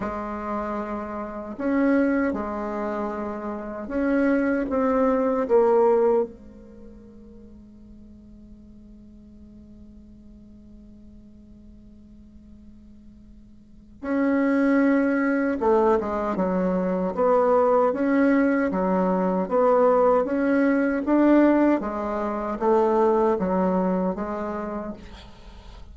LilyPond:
\new Staff \with { instrumentName = "bassoon" } { \time 4/4 \tempo 4 = 77 gis2 cis'4 gis4~ | gis4 cis'4 c'4 ais4 | gis1~ | gis1~ |
gis2 cis'2 | a8 gis8 fis4 b4 cis'4 | fis4 b4 cis'4 d'4 | gis4 a4 fis4 gis4 | }